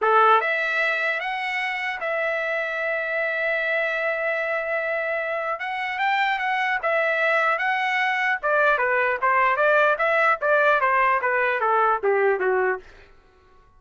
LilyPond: \new Staff \with { instrumentName = "trumpet" } { \time 4/4 \tempo 4 = 150 a'4 e''2 fis''4~ | fis''4 e''2.~ | e''1~ | e''2 fis''4 g''4 |
fis''4 e''2 fis''4~ | fis''4 d''4 b'4 c''4 | d''4 e''4 d''4 c''4 | b'4 a'4 g'4 fis'4 | }